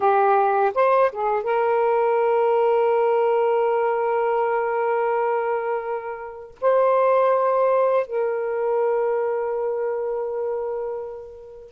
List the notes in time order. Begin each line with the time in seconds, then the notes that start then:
0.00 G4
0.74 C5
1.12 G#4
1.43 A#4
6.61 C5
8.06 A#4